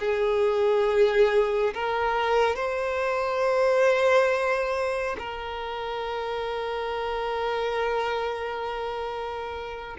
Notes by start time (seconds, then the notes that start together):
0.00 G#4
1.74 A#4
2.56 C5
5.19 A#4